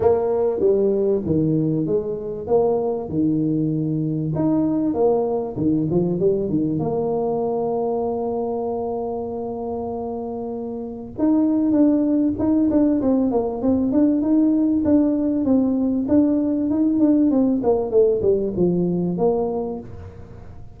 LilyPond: \new Staff \with { instrumentName = "tuba" } { \time 4/4 \tempo 4 = 97 ais4 g4 dis4 gis4 | ais4 dis2 dis'4 | ais4 dis8 f8 g8 dis8 ais4~ | ais1~ |
ais2 dis'4 d'4 | dis'8 d'8 c'8 ais8 c'8 d'8 dis'4 | d'4 c'4 d'4 dis'8 d'8 | c'8 ais8 a8 g8 f4 ais4 | }